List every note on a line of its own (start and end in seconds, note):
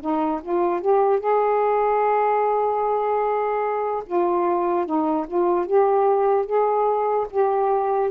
0.00 0.41 D#4
0.42 0.81 F4
0.81 1.19 G4
1.19 4.03 G#4
4.06 4.86 F4
4.86 5.26 D#4
5.27 5.66 F4
5.66 6.46 G4
6.46 7.27 G#4
7.30 8.10 G4